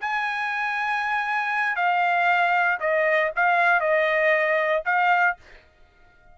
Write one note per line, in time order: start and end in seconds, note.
0.00 1.76 G#5
1.76 2.78 F5
2.80 3.31 D#5
3.36 3.80 F5
3.80 4.83 D#5
4.85 5.36 F5